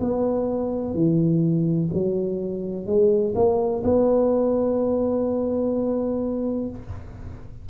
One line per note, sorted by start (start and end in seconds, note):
0.00 0.94 B3
0.94 1.89 E3
1.94 2.86 F#3
2.86 3.34 G#3
3.35 3.83 A#3
3.84 6.70 B3